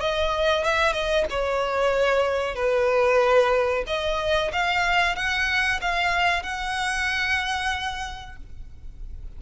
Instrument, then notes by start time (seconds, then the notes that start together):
violin
0.00 D#5
0.64 E5
0.93 D#5
1.30 C#5
2.55 B4
3.87 D#5
4.52 F5
5.16 F#5
5.81 F5
6.43 F#5